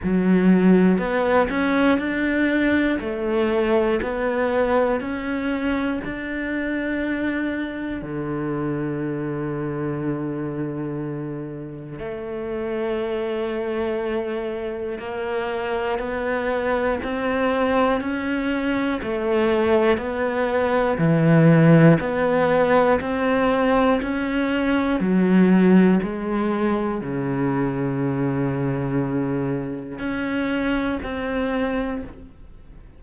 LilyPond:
\new Staff \with { instrumentName = "cello" } { \time 4/4 \tempo 4 = 60 fis4 b8 cis'8 d'4 a4 | b4 cis'4 d'2 | d1 | a2. ais4 |
b4 c'4 cis'4 a4 | b4 e4 b4 c'4 | cis'4 fis4 gis4 cis4~ | cis2 cis'4 c'4 | }